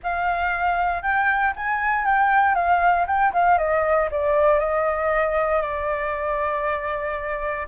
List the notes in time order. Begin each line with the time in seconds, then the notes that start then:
0.03 F5
1.02 G5
1.56 G#5
2.05 G5
2.54 F5
3.07 G5
3.33 F5
3.58 D#5
4.11 D5
4.59 D#5
5.61 D5